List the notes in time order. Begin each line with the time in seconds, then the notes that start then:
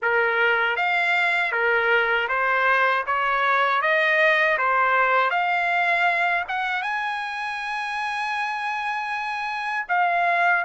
0.01 A#4
0.76 F5
1.52 A#4
2.28 C5
3.06 C#5
3.81 D#5
4.58 C5
5.30 F5
6.48 F#5
6.82 G#5
9.88 F5